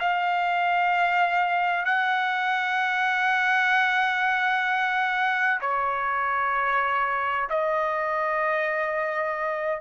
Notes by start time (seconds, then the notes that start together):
0.00 F5
1.86 F#5
5.61 C#5
7.50 D#5